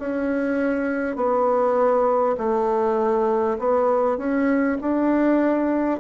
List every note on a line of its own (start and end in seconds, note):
0.00 1.16 C#4
1.16 2.36 B3
2.38 3.58 A3
3.59 4.18 B3
4.18 4.78 C#4
4.82 6.01 D4